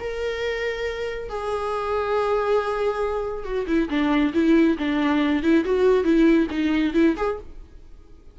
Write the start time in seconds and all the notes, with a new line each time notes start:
0.00 A#4
1.29 G#4
3.45 F#4
3.67 E4
3.90 D4
4.34 E4
4.78 D4
5.43 E4
5.65 F#4
6.04 E4
6.51 D#4
6.94 E4
7.17 G#4